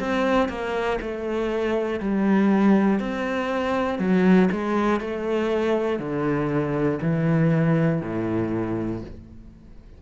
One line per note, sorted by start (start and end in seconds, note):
0.00 0.50 C4
0.50 1.00 A#3
1.02 2.01 A3
2.01 3.00 G3
3.00 4.00 C4
4.00 4.50 F#3
4.52 5.01 G#3
5.01 6.00 A3
6.00 7.00 D3
7.02 8.02 E3
8.02 9.02 A2